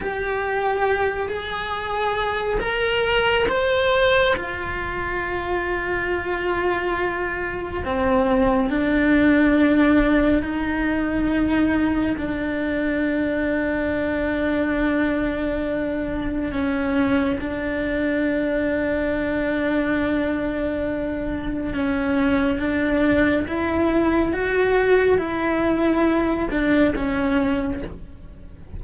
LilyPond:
\new Staff \with { instrumentName = "cello" } { \time 4/4 \tempo 4 = 69 g'4. gis'4. ais'4 | c''4 f'2.~ | f'4 c'4 d'2 | dis'2 d'2~ |
d'2. cis'4 | d'1~ | d'4 cis'4 d'4 e'4 | fis'4 e'4. d'8 cis'4 | }